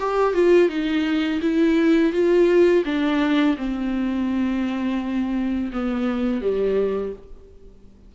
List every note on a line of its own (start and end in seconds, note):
0.00 0.34 G4
0.34 0.69 F4
0.69 1.41 D#4
1.42 2.13 E4
2.13 2.84 F4
2.85 3.56 D4
3.57 5.72 C4
5.73 6.42 B3
6.42 7.13 G3